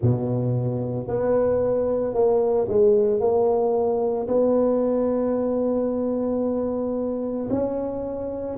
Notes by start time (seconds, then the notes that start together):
0.01 B2
1.07 B3
2.14 A#3
2.68 G#3
3.19 A#3
4.27 B3
7.50 C#4